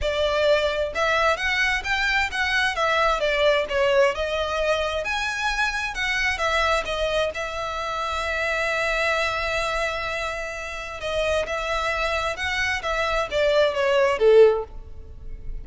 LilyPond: \new Staff \with { instrumentName = "violin" } { \time 4/4 \tempo 4 = 131 d''2 e''4 fis''4 | g''4 fis''4 e''4 d''4 | cis''4 dis''2 gis''4~ | gis''4 fis''4 e''4 dis''4 |
e''1~ | e''1 | dis''4 e''2 fis''4 | e''4 d''4 cis''4 a'4 | }